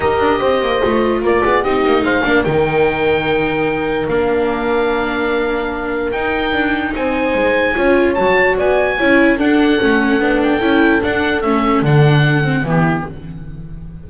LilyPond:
<<
  \new Staff \with { instrumentName = "oboe" } { \time 4/4 \tempo 4 = 147 dis''2. d''4 | dis''4 f''4 g''2~ | g''2 f''2~ | f''2. g''4~ |
g''4 gis''2. | a''4 gis''2 fis''4~ | fis''4. g''4. fis''4 | e''4 fis''2 g'4 | }
  \new Staff \with { instrumentName = "horn" } { \time 4/4 ais'4 c''2 ais'8 gis'8 | g'4 c''8 ais'2~ ais'8~ | ais'1~ | ais'1~ |
ais'4 c''2 cis''4~ | cis''4 d''4 cis''4 a'4~ | a'1~ | a'2. e'4 | }
  \new Staff \with { instrumentName = "viola" } { \time 4/4 g'2 f'2 | dis'4. d'8 dis'2~ | dis'2 d'2~ | d'2. dis'4~ |
dis'2. f'4 | fis'2 e'4 d'4 | cis'4 d'4 e'4 d'4 | cis'4 d'4. c'8 b4 | }
  \new Staff \with { instrumentName = "double bass" } { \time 4/4 dis'8 d'8 c'8 ais8 a4 ais8 b8 | c'8 ais8 gis8 ais8 dis2~ | dis2 ais2~ | ais2. dis'4 |
d'4 c'4 gis4 cis'4 | fis4 b4 cis'4 d'4 | a4 b4 cis'4 d'4 | a4 d2 e4 | }
>>